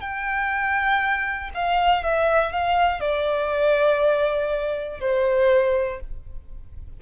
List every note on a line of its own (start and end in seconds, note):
0.00 1.50 G5
1.54 2.04 F5
2.04 2.52 E5
2.52 3.00 F5
3.00 5.00 D5
5.00 6.00 C5